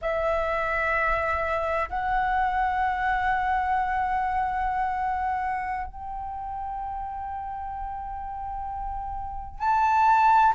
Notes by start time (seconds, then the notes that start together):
0.01 E5
1.89 F#5
5.86 G5
9.59 A5